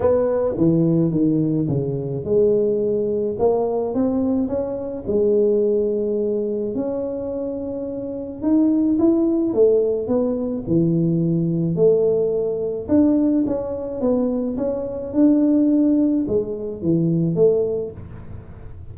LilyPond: \new Staff \with { instrumentName = "tuba" } { \time 4/4 \tempo 4 = 107 b4 e4 dis4 cis4 | gis2 ais4 c'4 | cis'4 gis2. | cis'2. dis'4 |
e'4 a4 b4 e4~ | e4 a2 d'4 | cis'4 b4 cis'4 d'4~ | d'4 gis4 e4 a4 | }